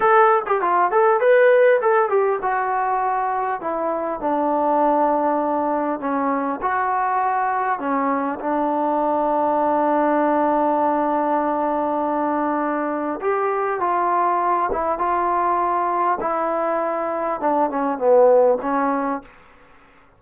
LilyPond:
\new Staff \with { instrumentName = "trombone" } { \time 4/4 \tempo 4 = 100 a'8. g'16 f'8 a'8 b'4 a'8 g'8 | fis'2 e'4 d'4~ | d'2 cis'4 fis'4~ | fis'4 cis'4 d'2~ |
d'1~ | d'2 g'4 f'4~ | f'8 e'8 f'2 e'4~ | e'4 d'8 cis'8 b4 cis'4 | }